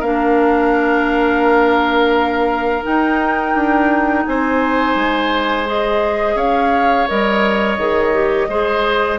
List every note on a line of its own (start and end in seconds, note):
0.00 2.84 A#3
0.00 2.83 D4
0.00 4.24 A#4
0.00 2.84 F5
2.83 5.65 D#4
2.83 3.55 D#4
2.83 4.26 G5
3.55 4.26 D4
4.26 4.95 C4
4.26 6.36 C5
4.26 5.67 G#5
4.95 6.35 G#3
5.65 7.06 G#4
5.65 6.37 D#5
6.35 7.06 C#4
6.35 8.48 C#5
6.35 7.08 F5
7.08 7.78 G3
7.08 7.79 A#4
7.08 9.19 D#5
7.78 8.48 D#3
7.78 8.13 G#4
8.13 8.49 G4
8.49 9.19 G#3
8.49 9.19 G#4
8.49 9.19 C5